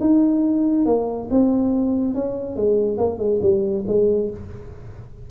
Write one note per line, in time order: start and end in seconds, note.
0.00 0.86 D#4
0.86 1.28 A#3
1.30 2.14 C4
2.14 2.56 C#4
2.56 2.98 G#3
2.98 3.19 A#3
3.19 3.40 G#3
3.42 3.85 G3
3.87 4.30 G#3